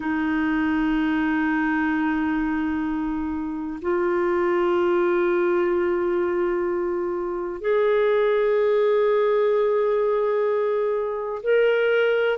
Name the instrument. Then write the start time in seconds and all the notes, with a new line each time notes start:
clarinet
0.00 D#4
3.81 F4
7.61 G#4
11.42 A#4